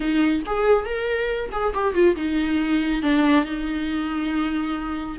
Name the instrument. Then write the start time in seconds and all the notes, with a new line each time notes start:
viola
0.00 D#4
0.45 G#4
0.85 A#4
1.52 G#4
1.73 G4
1.94 F4
2.16 D#4
3.02 D4
3.44 D#4